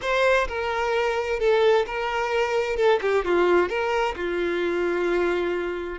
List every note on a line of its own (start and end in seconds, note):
0.01 0.47 C5
0.48 1.39 A#4
1.39 1.85 A4
1.86 2.76 A#4
2.76 2.99 A4
3.01 3.24 G4
3.25 3.69 F4
3.69 4.15 A#4
4.16 5.98 F4